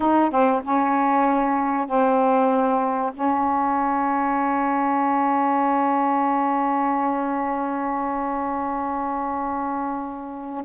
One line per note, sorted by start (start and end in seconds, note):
0.00 0.30 D#4
0.30 0.62 C4
0.64 1.86 C#4
1.86 3.11 C4
3.14 10.64 C#4